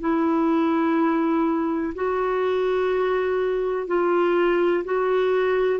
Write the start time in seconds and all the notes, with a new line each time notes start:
0.00 E4
1.95 F#4
3.87 F4
4.84 F#4